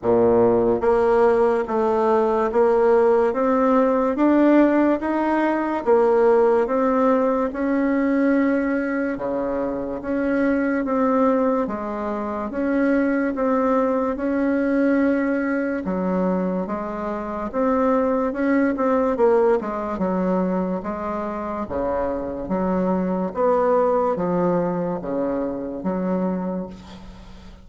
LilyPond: \new Staff \with { instrumentName = "bassoon" } { \time 4/4 \tempo 4 = 72 ais,4 ais4 a4 ais4 | c'4 d'4 dis'4 ais4 | c'4 cis'2 cis4 | cis'4 c'4 gis4 cis'4 |
c'4 cis'2 fis4 | gis4 c'4 cis'8 c'8 ais8 gis8 | fis4 gis4 cis4 fis4 | b4 f4 cis4 fis4 | }